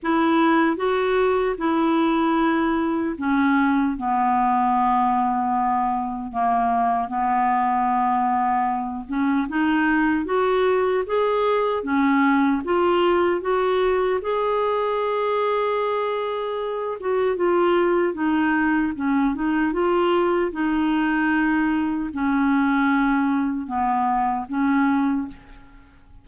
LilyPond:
\new Staff \with { instrumentName = "clarinet" } { \time 4/4 \tempo 4 = 76 e'4 fis'4 e'2 | cis'4 b2. | ais4 b2~ b8 cis'8 | dis'4 fis'4 gis'4 cis'4 |
f'4 fis'4 gis'2~ | gis'4. fis'8 f'4 dis'4 | cis'8 dis'8 f'4 dis'2 | cis'2 b4 cis'4 | }